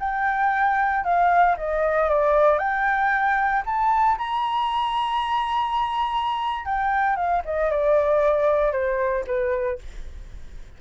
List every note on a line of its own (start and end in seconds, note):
0.00 1.04 G5
1.04 1.57 F5
1.57 2.10 D#5
2.10 2.59 D5
2.59 3.63 G5
3.66 4.18 A5
4.18 6.65 A#5
6.65 7.16 G5
7.16 7.42 F5
7.45 7.71 D#5
7.71 8.72 D5
8.72 9.25 C5
9.27 9.79 B4